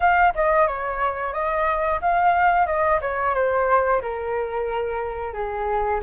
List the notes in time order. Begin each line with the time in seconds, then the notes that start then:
0.00 F5
0.34 D#5
0.67 C#5
1.33 D#5
2.01 F5
2.66 D#5
3.01 C#5
3.34 C5
4.01 A#4
5.33 G#4